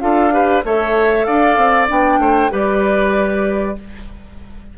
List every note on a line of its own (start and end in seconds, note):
0.00 0.65 D4
0.00 0.31 F4
0.00 0.33 A4
0.00 0.63 F5
0.32 0.63 G4
0.32 0.65 B4
0.65 1.27 A3
0.65 1.89 A4
0.65 1.27 C#5
0.65 1.25 E5
1.25 1.57 D4
1.25 2.20 D5
1.25 1.87 F5
1.57 1.88 C4
1.89 2.19 B3
1.89 2.50 D4
1.89 2.53 G5
2.19 2.50 A3
2.19 2.52 C5
2.50 3.77 G3
2.50 3.75 G4
2.50 3.77 B4
2.50 3.78 D5